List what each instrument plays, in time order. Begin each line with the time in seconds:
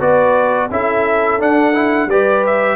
0.00 tuba B3, trombone F#4, horn B4, trumpet D5
0.70 tuba C#4, trombone E4, horn A4, trumpet E5
1.39 trombone D4, tuba D4, trumpet F#5
1.74 trombone E4
2.06 tuba G3, trombone G4, horn B4, trumpet D5
2.46 trumpet E5